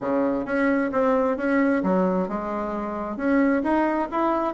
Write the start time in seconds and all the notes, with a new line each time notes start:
0.01 C#3
0.45 C#4
0.92 C4
1.37 C#4
1.83 F#3
2.28 G#3
3.17 C#4
3.63 D#4
4.11 E4